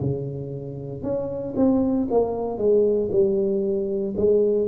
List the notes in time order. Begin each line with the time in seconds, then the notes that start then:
0.00 C#3
1.03 C#4
1.56 C4
2.10 A#3
2.58 G#3
3.11 G3
4.17 G#3